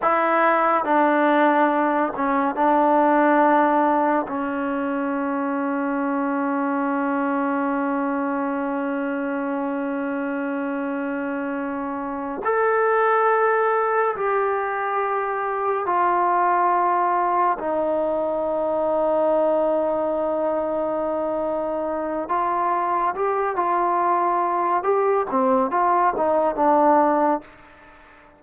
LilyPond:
\new Staff \with { instrumentName = "trombone" } { \time 4/4 \tempo 4 = 70 e'4 d'4. cis'8 d'4~ | d'4 cis'2.~ | cis'1~ | cis'2~ cis'8 a'4.~ |
a'8 g'2 f'4.~ | f'8 dis'2.~ dis'8~ | dis'2 f'4 g'8 f'8~ | f'4 g'8 c'8 f'8 dis'8 d'4 | }